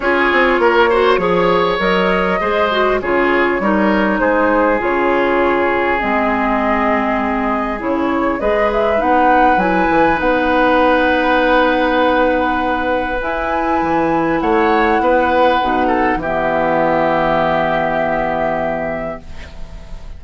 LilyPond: <<
  \new Staff \with { instrumentName = "flute" } { \time 4/4 \tempo 4 = 100 cis''2. dis''4~ | dis''4 cis''2 c''4 | cis''2 dis''2~ | dis''4 cis''4 dis''8 e''8 fis''4 |
gis''4 fis''2.~ | fis''2 gis''2 | fis''2. e''4~ | e''1 | }
  \new Staff \with { instrumentName = "oboe" } { \time 4/4 gis'4 ais'8 c''8 cis''2 | c''4 gis'4 ais'4 gis'4~ | gis'1~ | gis'2 b'2~ |
b'1~ | b'1 | cis''4 b'4. a'8 g'4~ | g'1 | }
  \new Staff \with { instrumentName = "clarinet" } { \time 4/4 f'4. fis'8 gis'4 ais'4 | gis'8 fis'8 f'4 dis'2 | f'2 c'2~ | c'4 e'4 gis'4 dis'4 |
e'4 dis'2.~ | dis'2 e'2~ | e'2 dis'4 b4~ | b1 | }
  \new Staff \with { instrumentName = "bassoon" } { \time 4/4 cis'8 c'8 ais4 f4 fis4 | gis4 cis4 g4 gis4 | cis2 gis2~ | gis4 cis4 gis4 b4 |
fis8 e8 b2.~ | b2 e'4 e4 | a4 b4 b,4 e4~ | e1 | }
>>